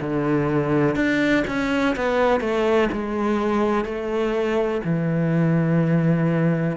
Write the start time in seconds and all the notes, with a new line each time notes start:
0.00 D3
0.95 D4
1.47 C#4
1.96 B3
2.40 A3
2.92 G#3
3.84 A3
4.84 E3